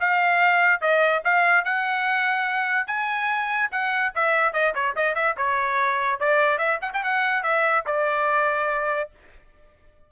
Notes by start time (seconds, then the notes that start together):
0.00 F5
0.81 D#5
1.24 F5
1.64 F#5
2.86 G#5
3.71 F#5
4.15 E5
4.53 D#5
4.74 C#5
4.96 D#5
5.15 E5
5.37 C#5
6.20 D5
6.58 E5
6.81 F#5
6.93 G5
7.03 F#5
7.43 E5
7.86 D5